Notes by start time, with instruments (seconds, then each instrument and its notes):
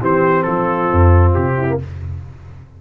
0.00 tuba E3, trombone C4, horn G4, trumpet C5
0.43 tuba F3, horn F4, trumpet A4
0.92 tuba F2
1.34 tuba C3, trumpet G4
1.57 horn E4
1.68 trombone A#3